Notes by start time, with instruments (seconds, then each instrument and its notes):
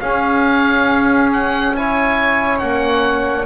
0.00 trombone C#4, double bass C#4, flute G#4, oboe F5
1.33 oboe F#5
1.75 trombone E4, flute C#5, oboe G#5
2.59 double bass A#3, trombone C#4, oboe F#5